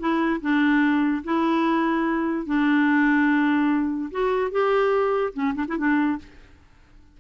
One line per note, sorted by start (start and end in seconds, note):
0.00 0.41 E4
0.42 1.24 D4
1.24 2.47 E4
2.47 4.11 D4
4.12 4.52 F#4
4.52 5.34 G4
5.34 5.55 C#4
5.55 5.66 D4
5.68 5.78 E4
5.78 6.19 D4